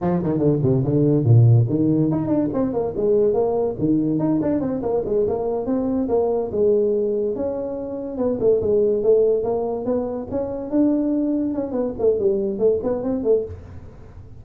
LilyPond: \new Staff \with { instrumentName = "tuba" } { \time 4/4 \tempo 4 = 143 f8 dis8 d8 c8 d4 ais,4 | dis4 dis'8 d'8 c'8 ais8 gis4 | ais4 dis4 dis'8 d'8 c'8 ais8 | gis8 ais4 c'4 ais4 gis8~ |
gis4. cis'2 b8 | a8 gis4 a4 ais4 b8~ | b8 cis'4 d'2 cis'8 | b8 a8 g4 a8 b8 c'8 a8 | }